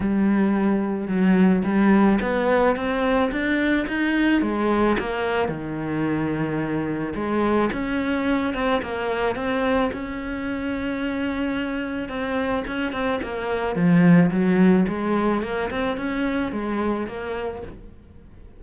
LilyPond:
\new Staff \with { instrumentName = "cello" } { \time 4/4 \tempo 4 = 109 g2 fis4 g4 | b4 c'4 d'4 dis'4 | gis4 ais4 dis2~ | dis4 gis4 cis'4. c'8 |
ais4 c'4 cis'2~ | cis'2 c'4 cis'8 c'8 | ais4 f4 fis4 gis4 | ais8 c'8 cis'4 gis4 ais4 | }